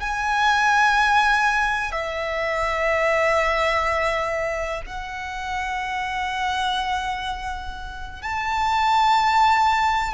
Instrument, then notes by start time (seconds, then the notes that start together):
violin
0.00 G#5
1.91 E5
4.86 F#5
8.22 A5